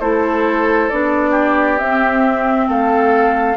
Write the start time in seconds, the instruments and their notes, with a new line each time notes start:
0.00 bassoon A3, clarinet E4, oboe A4, flute C5
0.89 bassoon B3, clarinet D4, flute D5
1.31 oboe G4
1.79 clarinet C4, bassoon C4, flute E5
2.68 bassoon A3, oboe A4, flute F5